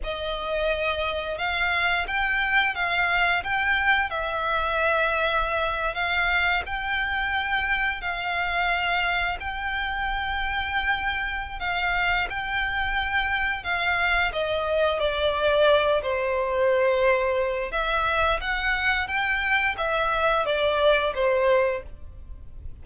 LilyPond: \new Staff \with { instrumentName = "violin" } { \time 4/4 \tempo 4 = 88 dis''2 f''4 g''4 | f''4 g''4 e''2~ | e''8. f''4 g''2 f''16~ | f''4.~ f''16 g''2~ g''16~ |
g''4 f''4 g''2 | f''4 dis''4 d''4. c''8~ | c''2 e''4 fis''4 | g''4 e''4 d''4 c''4 | }